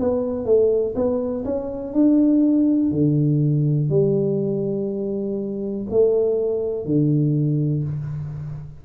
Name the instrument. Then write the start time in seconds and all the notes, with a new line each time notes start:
tuba
0.00 B3
0.46 A3
0.95 B3
1.45 C#4
1.94 D4
2.92 D3
3.90 G3
5.90 A3
6.85 D3